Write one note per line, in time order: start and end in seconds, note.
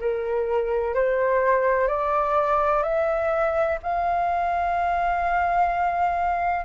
0.00 0.94 A#4
0.94 1.88 C5
1.88 2.83 D5
2.83 3.78 E5
3.83 6.65 F5